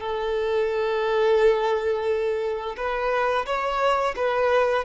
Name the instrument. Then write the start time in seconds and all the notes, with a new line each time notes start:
violin
0.00 A4
2.76 B4
3.45 C#5
4.16 B4